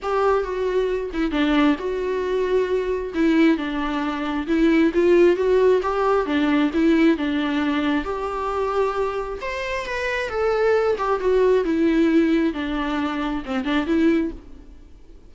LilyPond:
\new Staff \with { instrumentName = "viola" } { \time 4/4 \tempo 4 = 134 g'4 fis'4. e'8 d'4 | fis'2. e'4 | d'2 e'4 f'4 | fis'4 g'4 d'4 e'4 |
d'2 g'2~ | g'4 c''4 b'4 a'4~ | a'8 g'8 fis'4 e'2 | d'2 c'8 d'8 e'4 | }